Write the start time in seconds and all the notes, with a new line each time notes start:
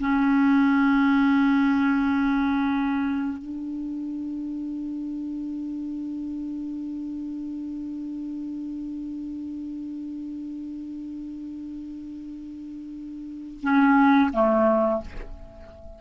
0.00 C#4
3.38 D4
13.62 C#4
14.33 A3